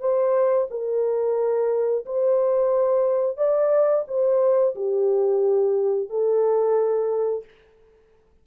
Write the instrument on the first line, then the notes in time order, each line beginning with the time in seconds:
horn
0.00 C5
0.70 A#4
2.06 C5
3.37 D5
4.08 C5
4.75 G4
6.09 A4